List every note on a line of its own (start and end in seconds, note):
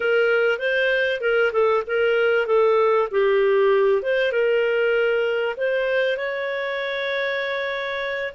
0.00 0.58 A#4
0.58 1.20 C5
1.20 1.51 A#4
1.52 1.83 A4
1.86 2.46 A#4
2.46 3.08 A4
3.11 4.02 G4
4.02 4.32 C5
4.32 5.55 A#4
5.57 6.17 C5
6.17 8.33 C#5